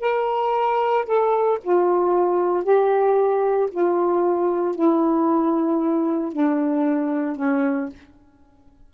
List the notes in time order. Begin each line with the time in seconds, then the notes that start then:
0.00 A#4
1.06 A4
1.64 F4
2.64 G4
3.71 F4
4.75 E4
6.33 D4
7.36 C#4